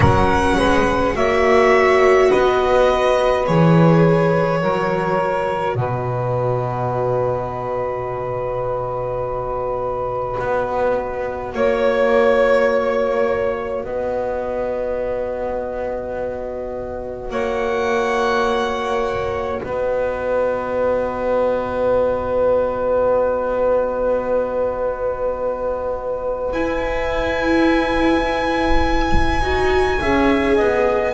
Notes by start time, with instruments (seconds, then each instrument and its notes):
0.00 double bass F#3, viola C#4, saxophone A#4, violin F#5
0.57 double bass G#3, saxophone B4
1.13 double bass A#3, viola F#4, saxophone C#5, violin E5
2.29 double bass B3, saxophone B4, violin D#5
3.46 double bass E3, viola G#4, violin C#5
4.61 double bass F#3, viola F#4, saxophone A#4
5.74 double bass B2, saxophone B4, violin D#5
10.38 double bass B3
11.54 double bass A#3, violin C#5, saxophone C#5
13.84 double bass B3, saxophone B4, violin D#5
17.30 double bass A#3, saxophone C#5, violin F#5
19.61 double bass B3, saxophone B4, violin D#5
26.52 viola E4, double bass E4, violin G#5
29.41 double bass D#4, viola F#4
30.00 double bass C#4, viola G#4, saxophone E5
30.56 double bass B3, saxophone D#5